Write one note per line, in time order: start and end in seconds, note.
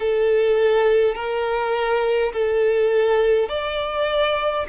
0.00 1.16 A4
1.16 2.33 A#4
2.34 3.49 A4
3.49 4.67 D5